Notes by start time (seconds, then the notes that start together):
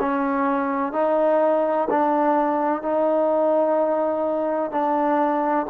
0.00 C#4
0.93 D#4
1.90 D4
2.82 D#4
4.72 D4